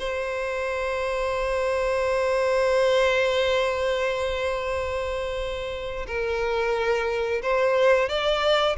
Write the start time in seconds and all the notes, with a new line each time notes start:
0.00 C5
6.08 A#4
7.43 C5
8.09 D5